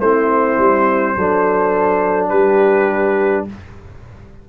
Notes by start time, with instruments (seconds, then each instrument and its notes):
0.00 tuba A3, trombone C4, horn E4, trumpet C5
0.58 tuba G3
1.17 tuba F#3, trombone D4, horn A4
2.29 tuba G3, horn G4, trumpet B4